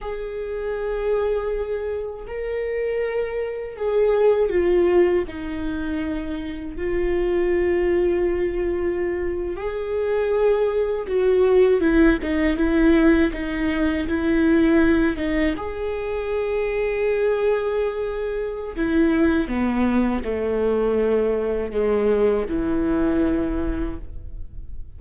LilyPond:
\new Staff \with { instrumentName = "viola" } { \time 4/4 \tempo 4 = 80 gis'2. ais'4~ | ais'4 gis'4 f'4 dis'4~ | dis'4 f'2.~ | f'8. gis'2 fis'4 e'16~ |
e'16 dis'8 e'4 dis'4 e'4~ e'16~ | e'16 dis'8 gis'2.~ gis'16~ | gis'4 e'4 b4 a4~ | a4 gis4 e2 | }